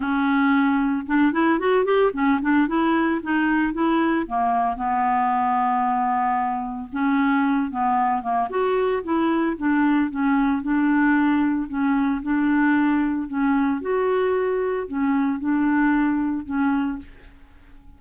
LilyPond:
\new Staff \with { instrumentName = "clarinet" } { \time 4/4 \tempo 4 = 113 cis'2 d'8 e'8 fis'8 g'8 | cis'8 d'8 e'4 dis'4 e'4 | ais4 b2.~ | b4 cis'4. b4 ais8 |
fis'4 e'4 d'4 cis'4 | d'2 cis'4 d'4~ | d'4 cis'4 fis'2 | cis'4 d'2 cis'4 | }